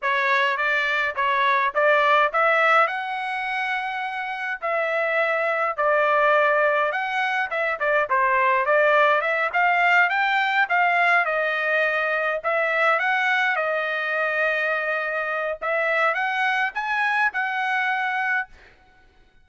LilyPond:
\new Staff \with { instrumentName = "trumpet" } { \time 4/4 \tempo 4 = 104 cis''4 d''4 cis''4 d''4 | e''4 fis''2. | e''2 d''2 | fis''4 e''8 d''8 c''4 d''4 |
e''8 f''4 g''4 f''4 dis''8~ | dis''4. e''4 fis''4 dis''8~ | dis''2. e''4 | fis''4 gis''4 fis''2 | }